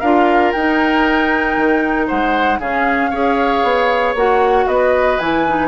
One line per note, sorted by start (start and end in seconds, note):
0.00 0.54 D4
0.00 0.55 F4
0.00 2.07 A#4
0.00 0.52 F5
0.52 1.57 D#4
0.52 2.60 D#4
0.52 2.07 G5
1.57 2.09 D#3
2.07 2.59 G#3
2.07 2.59 C5
2.07 2.60 F#5
2.59 3.11 C#3
2.59 3.12 C#4
2.59 3.11 G#4
2.59 4.15 F5
3.11 3.63 C#4
3.11 4.16 G#4
3.11 4.66 C#5
3.63 4.15 B3
4.15 4.67 A#3
4.15 5.21 F#4
4.15 4.68 F#5
4.67 5.19 B3
4.67 5.68 B4
4.67 5.19 D#5
5.19 5.68 E3
5.19 5.47 E4
5.19 5.68 G#5
5.47 5.68 D#4